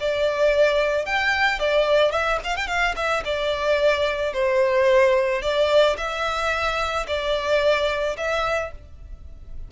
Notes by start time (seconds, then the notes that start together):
0.00 D5
1.06 G5
1.59 D5
2.12 E5
2.44 F5
2.56 G5
2.67 F5
2.96 E5
3.25 D5
4.33 C5
5.42 D5
5.97 E5
7.07 D5
8.17 E5